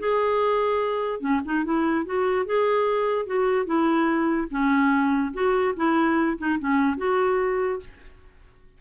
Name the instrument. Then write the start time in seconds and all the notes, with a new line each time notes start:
clarinet
0.00 G#4
1.21 C#4
1.46 D#4
1.65 E4
2.06 F#4
2.46 G#4
3.27 F#4
3.66 E4
4.51 C#4
5.34 F#4
5.77 E4
6.39 D#4
6.60 C#4
6.98 F#4